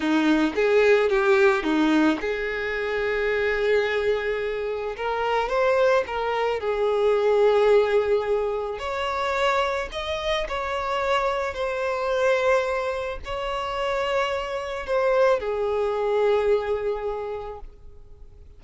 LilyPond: \new Staff \with { instrumentName = "violin" } { \time 4/4 \tempo 4 = 109 dis'4 gis'4 g'4 dis'4 | gis'1~ | gis'4 ais'4 c''4 ais'4 | gis'1 |
cis''2 dis''4 cis''4~ | cis''4 c''2. | cis''2. c''4 | gis'1 | }